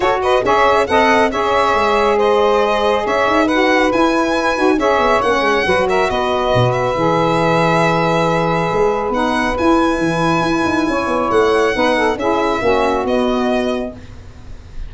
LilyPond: <<
  \new Staff \with { instrumentName = "violin" } { \time 4/4 \tempo 4 = 138 cis''8 dis''8 e''4 fis''4 e''4~ | e''4 dis''2 e''4 | fis''4 gis''2 e''4 | fis''4. e''8 dis''4. e''8~ |
e''1~ | e''4 fis''4 gis''2~ | gis''2 fis''2 | e''2 dis''2 | }
  \new Staff \with { instrumentName = "saxophone" } { \time 4/4 a'8 b'8 cis''4 dis''4 cis''4~ | cis''4 c''2 cis''4 | b'2. cis''4~ | cis''4 b'8 ais'8 b'2~ |
b'1~ | b'1~ | b'4 cis''2 b'8 a'8 | gis'4 fis'2. | }
  \new Staff \with { instrumentName = "saxophone" } { \time 4/4 fis'4 gis'4 a'4 gis'4~ | gis'1 | fis'4 e'4. fis'8 gis'4 | cis'4 fis'2. |
gis'1~ | gis'4 dis'4 e'2~ | e'2. dis'4 | e'4 cis'4 b2 | }
  \new Staff \with { instrumentName = "tuba" } { \time 4/4 fis'4 cis'4 c'4 cis'4 | gis2. cis'8 dis'8~ | dis'4 e'4. dis'8 cis'8 b8 | ais8 gis8 fis4 b4 b,4 |
e1 | gis4 b4 e'4 e4 | e'8 dis'8 cis'8 b8 a4 b4 | cis'4 ais4 b2 | }
>>